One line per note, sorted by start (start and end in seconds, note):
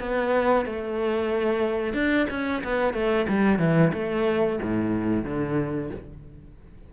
0.00 0.66 B3
0.66 1.94 A3
1.94 2.27 D4
2.30 2.63 C#4
2.64 2.94 B3
2.94 3.27 A3
3.29 3.59 G3
3.59 3.92 E3
3.94 4.60 A3
4.63 5.25 A2
5.25 5.91 D3